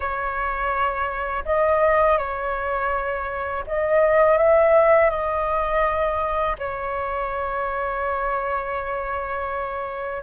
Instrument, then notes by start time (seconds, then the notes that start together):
flute
0.00 C#5
1.45 D#5
2.18 C#5
3.67 D#5
4.37 E5
5.10 D#5
6.58 C#5